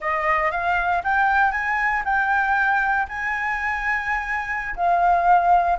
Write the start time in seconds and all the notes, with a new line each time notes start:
0.00 D#5
0.51 F5
1.03 G5
1.51 G#5
2.04 G5
3.08 G#5
4.76 F5